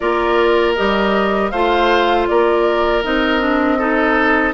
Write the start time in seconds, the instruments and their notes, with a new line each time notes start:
0.00 bassoon A#3, clarinet F4, oboe A#4, flute D5
0.75 bassoon G3, clarinet G4, flute D#5
1.50 bassoon A3, clarinet F4, oboe C5, flute F5
2.27 bassoon A#3, oboe A#4, flute D5
3.03 bassoon C4, clarinet D#4, flute D#5
3.40 clarinet D4
3.78 clarinet D#4, oboe A4